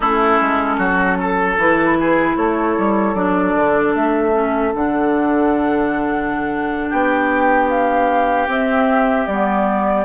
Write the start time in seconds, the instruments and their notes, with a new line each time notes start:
0.00 bassoon A3, clarinet C#4, oboe E4, flute A4
0.40 bassoon G#3
0.78 bassoon F#3, oboe F#4
1.19 oboe A4
1.57 bassoon E3, clarinet E4, flute B4
1.99 oboe G#4
2.36 bassoon A3, oboe A4, flute C#5
2.78 bassoon G3
3.14 bassoon F#3, clarinet D4, flute D5
3.55 bassoon D3
3.94 bassoon A3, flute E5
4.33 clarinet C#4
4.73 bassoon D3, clarinet D4, flute F#5
6.89 bassoon B3, oboe G4, flute G5
7.69 flute F5
8.47 bassoon C4, clarinet C4, flute E5
9.26 bassoon G3, clarinet B3, flute D5